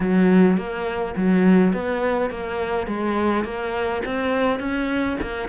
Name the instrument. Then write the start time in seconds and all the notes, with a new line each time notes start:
cello
0.00 F#3
0.57 A#3
1.16 F#3
1.73 B3
2.30 A#3
2.86 G#3
3.44 A#3
4.05 C4
4.59 C#4
5.21 A#3